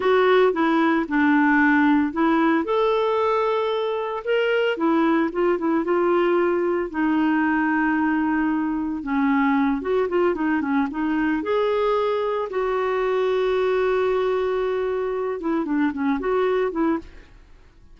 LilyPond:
\new Staff \with { instrumentName = "clarinet" } { \time 4/4 \tempo 4 = 113 fis'4 e'4 d'2 | e'4 a'2. | ais'4 e'4 f'8 e'8 f'4~ | f'4 dis'2.~ |
dis'4 cis'4. fis'8 f'8 dis'8 | cis'8 dis'4 gis'2 fis'8~ | fis'1~ | fis'4 e'8 d'8 cis'8 fis'4 e'8 | }